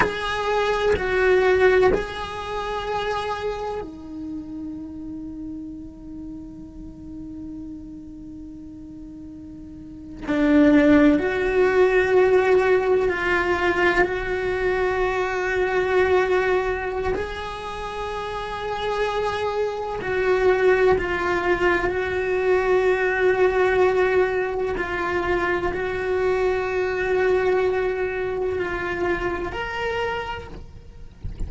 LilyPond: \new Staff \with { instrumentName = "cello" } { \time 4/4 \tempo 4 = 63 gis'4 fis'4 gis'2 | dis'1~ | dis'2~ dis'8. d'4 fis'16~ | fis'4.~ fis'16 f'4 fis'4~ fis'16~ |
fis'2 gis'2~ | gis'4 fis'4 f'4 fis'4~ | fis'2 f'4 fis'4~ | fis'2 f'4 ais'4 | }